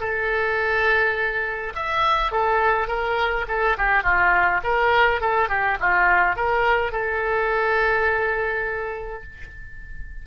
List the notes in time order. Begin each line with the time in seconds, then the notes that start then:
0.00 A4
1.75 E5
2.31 A4
2.88 A#4
3.48 A4
3.78 G4
4.03 F4
4.63 A#4
5.21 A4
5.49 G4
5.80 F4
6.36 A#4
6.92 A4